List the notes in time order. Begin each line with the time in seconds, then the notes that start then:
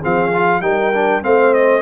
0.00 F3 C4 G#4 F5
0.33 F4
0.61 G3 D#4 A#4 G5
0.94 D4
1.22 A3 C4 C5 F5
1.54 D#5